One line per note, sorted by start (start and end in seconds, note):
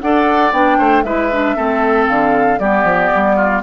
0.00 0.52 D4
0.00 0.53 A4
0.00 0.78 D5
0.00 0.52 F#5
0.52 0.77 B3
0.52 1.05 D4
0.52 1.03 G5
0.78 1.03 A3
0.78 1.04 C5
1.03 1.55 G#3
1.03 1.31 E4
1.03 1.56 B4
1.03 2.06 E5
1.32 1.56 D4
1.56 2.09 A3
1.56 2.59 C4
1.56 2.59 A4
2.07 2.59 D3
2.07 2.59 F5
2.59 2.84 G3
2.59 3.62 B3
2.59 3.36 G4
2.59 3.62 D5
2.84 3.09 F3
3.15 3.62 G3
3.36 3.62 F4